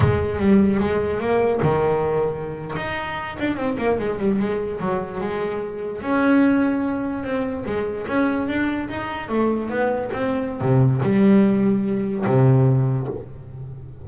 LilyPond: \new Staff \with { instrumentName = "double bass" } { \time 4/4 \tempo 4 = 147 gis4 g4 gis4 ais4 | dis2~ dis8. dis'4~ dis'16~ | dis'16 d'8 c'8 ais8 gis8 g8 gis4 fis16~ | fis8. gis2 cis'4~ cis'16~ |
cis'4.~ cis'16 c'4 gis4 cis'16~ | cis'8. d'4 dis'4 a4 b16~ | b8. c'4~ c'16 c4 g4~ | g2 c2 | }